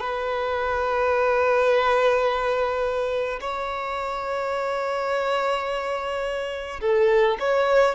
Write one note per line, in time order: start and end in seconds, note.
0.00 3.40 B4
3.41 6.80 C#5
6.81 7.37 A4
7.40 7.95 C#5